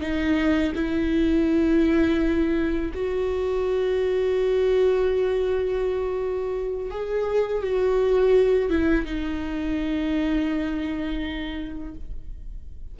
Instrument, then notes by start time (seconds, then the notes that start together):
viola
0.00 D#4
0.75 E4
2.93 F#4
6.90 G#4
7.63 F#4
8.70 E4
9.05 D#4